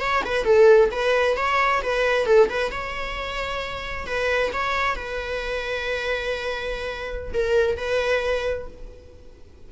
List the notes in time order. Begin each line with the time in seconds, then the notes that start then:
0.00 C#5
0.25 B4
0.44 A4
0.91 B4
1.37 C#5
1.82 B4
2.26 A4
2.49 B4
2.71 C#5
4.06 B4
4.53 C#5
4.96 B4
7.33 A#4
7.77 B4